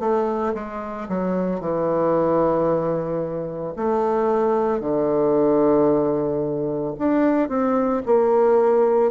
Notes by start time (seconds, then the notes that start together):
0.00 A3
0.54 G#3
1.09 F#3
1.60 E3
3.76 A3
4.80 D3
6.98 D4
7.49 C4
8.06 A#3